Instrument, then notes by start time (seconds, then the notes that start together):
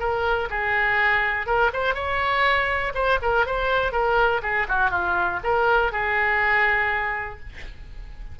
oboe
0.00 A#4
0.50 G#4
1.47 A#4
1.74 C5
1.95 C#5
2.95 C5
3.23 A#4
3.46 C5
3.92 A#4
4.43 G#4
4.69 F#4
4.91 F4
5.44 A#4
5.92 G#4